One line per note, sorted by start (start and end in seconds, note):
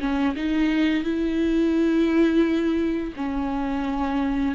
0.00 0.35 C#4
0.36 1.04 D#4
1.04 3.14 E4
3.17 4.55 C#4